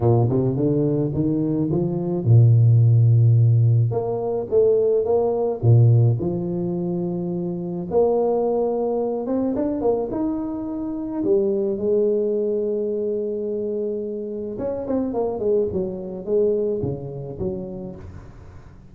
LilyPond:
\new Staff \with { instrumentName = "tuba" } { \time 4/4 \tempo 4 = 107 ais,8 c8 d4 dis4 f4 | ais,2. ais4 | a4 ais4 ais,4 f4~ | f2 ais2~ |
ais8 c'8 d'8 ais8 dis'2 | g4 gis2.~ | gis2 cis'8 c'8 ais8 gis8 | fis4 gis4 cis4 fis4 | }